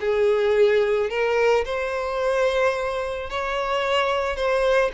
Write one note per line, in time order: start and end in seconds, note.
0.00 1.10 G#4
1.10 1.65 A#4
1.65 3.30 C5
3.30 4.36 C#5
4.36 4.91 C5